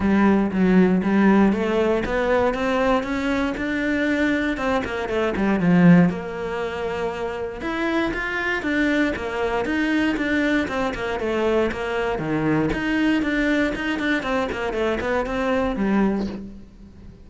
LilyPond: \new Staff \with { instrumentName = "cello" } { \time 4/4 \tempo 4 = 118 g4 fis4 g4 a4 | b4 c'4 cis'4 d'4~ | d'4 c'8 ais8 a8 g8 f4 | ais2. e'4 |
f'4 d'4 ais4 dis'4 | d'4 c'8 ais8 a4 ais4 | dis4 dis'4 d'4 dis'8 d'8 | c'8 ais8 a8 b8 c'4 g4 | }